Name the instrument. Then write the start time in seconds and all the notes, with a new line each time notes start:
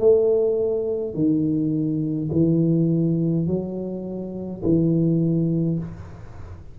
tuba
0.00 A3
1.14 D#3
2.32 E3
3.47 F#3
4.64 E3